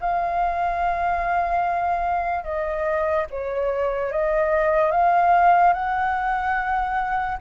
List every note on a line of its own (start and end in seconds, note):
0.00 2.44 F5
2.44 3.26 D#5
3.30 4.11 C#5
4.11 4.91 D#5
4.91 5.73 F5
5.73 7.37 F#5